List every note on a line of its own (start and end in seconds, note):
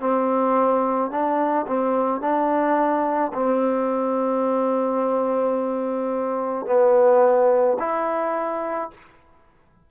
0.00 1.11 C4
1.11 1.66 D4
1.67 2.21 C4
2.21 3.32 D4
3.34 6.66 C4
6.66 7.77 B3
7.79 8.90 E4